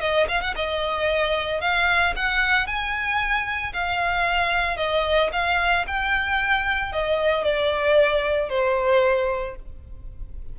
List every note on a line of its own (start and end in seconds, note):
0.00 0.27 D#5
0.28 0.41 F5
0.41 0.54 F#5
0.56 1.60 D#5
1.60 2.14 F5
2.16 2.66 F#5
2.66 3.73 G#5
3.73 4.77 F5
4.77 5.30 D#5
5.32 5.85 F5
5.87 6.92 G5
6.92 7.44 D#5
7.44 8.49 D5
8.49 9.55 C5